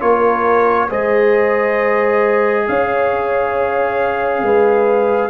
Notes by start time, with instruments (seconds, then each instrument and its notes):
0.00 tuba A#3, trombone F4, horn A#4, trumpet C#5
0.88 tuba G#3, trombone G#4, horn C5, trumpet D#5
2.67 tuba C#4, horn C#5, trumpet F5
4.42 tuba G#3, horn B4